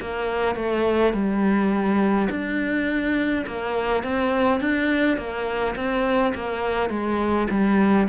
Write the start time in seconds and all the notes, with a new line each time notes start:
0.00 A#3
0.56 A3
1.13 G3
2.30 D4
3.46 A#3
4.03 C4
4.60 D4
5.17 A#3
5.76 C4
6.35 A#3
6.90 G#3
7.50 G3